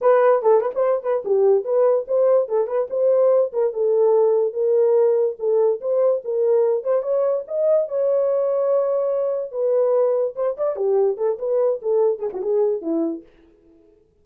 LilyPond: \new Staff \with { instrumentName = "horn" } { \time 4/4 \tempo 4 = 145 b'4 a'8 b'16 c''8. b'8 g'4 | b'4 c''4 a'8 b'8 c''4~ | c''8 ais'8 a'2 ais'4~ | ais'4 a'4 c''4 ais'4~ |
ais'8 c''8 cis''4 dis''4 cis''4~ | cis''2. b'4~ | b'4 c''8 d''8 g'4 a'8 b'8~ | b'8 a'4 gis'16 fis'16 gis'4 e'4 | }